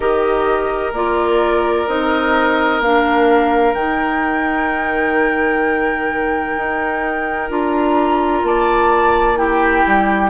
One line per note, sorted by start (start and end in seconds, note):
0.00 0.92 D#3
0.00 0.93 G4
0.00 8.43 A#4
0.00 0.93 D#5
0.92 1.85 A#3
0.92 1.87 F4
0.92 1.87 D5
1.87 2.80 C4
1.87 2.81 D#4
1.87 2.81 D#5
2.80 3.73 A#3
2.80 3.75 D4
2.80 3.74 F5
3.73 6.54 D#3
3.73 7.49 D#4
3.73 7.49 G5
6.57 7.49 D#4
7.49 8.43 D4
7.49 9.36 F4
7.49 8.45 A#5
8.43 9.83 A#3
8.43 9.38 D5
8.43 9.37 A5
9.36 10.29 E4
9.36 10.29 G4
9.36 10.29 G5
9.86 10.29 G3